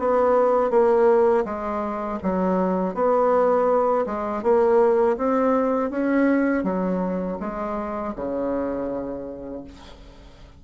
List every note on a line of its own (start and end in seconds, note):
0.00 0.71 B3
0.71 1.45 A#3
1.45 2.19 G#3
2.23 2.95 F#3
2.95 4.06 B3
4.06 4.43 G#3
4.43 5.17 A#3
5.18 5.91 C4
5.91 6.64 C#4
6.64 7.38 F#3
7.40 8.14 G#3
8.16 9.64 C#3